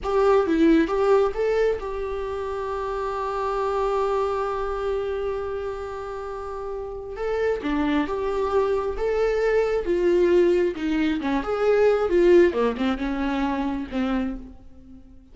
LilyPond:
\new Staff \with { instrumentName = "viola" } { \time 4/4 \tempo 4 = 134 g'4 e'4 g'4 a'4 | g'1~ | g'1~ | g'1 |
a'4 d'4 g'2 | a'2 f'2 | dis'4 cis'8 gis'4. f'4 | ais8 c'8 cis'2 c'4 | }